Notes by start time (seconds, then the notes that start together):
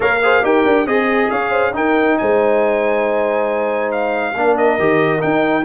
0.00 A#3 A#4 C#5 F5
0.22 G#4 C5
0.42 D#4 G4 A#4 G5
0.65 D4
0.86 C4 G#4 D#5
1.30 C#4 C#5 F5
1.50 C5
1.73 D#4 A#4 G5
2.18 G#3 C5 G#5
3.91 F5
4.35 A#3 D4 A#4
4.57 D#5
4.78 D#3 G4
5.19 D#4 G5